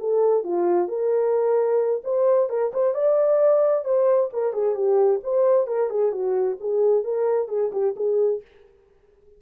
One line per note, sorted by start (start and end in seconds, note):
0.00 0.44 A4
0.44 0.88 F4
0.88 2.02 A#4
2.04 2.49 C5
2.49 2.72 A#4
2.73 2.95 C5
2.95 3.85 D5
3.85 4.30 C5
4.33 4.53 A#4
4.53 4.75 G#4
4.75 5.20 G4
5.24 5.67 C5
5.67 5.90 A#4
5.90 6.12 G#4
6.12 6.57 F#4
6.61 7.04 G#4
7.04 7.49 A#4
7.49 7.71 G#4
7.72 7.95 G4
7.96 8.42 G#4